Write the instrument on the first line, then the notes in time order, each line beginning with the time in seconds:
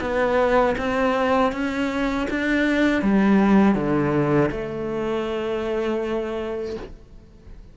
cello
0.00 B3
0.77 C4
1.52 C#4
2.30 D4
3.02 G3
3.75 D3
4.51 A3